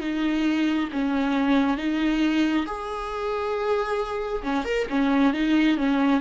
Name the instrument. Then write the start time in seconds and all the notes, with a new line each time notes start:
viola
0.00 D#4
0.92 C#4
1.77 D#4
2.66 G#4
4.42 C#4
4.64 A#4
4.89 C#4
5.33 D#4
5.77 C#4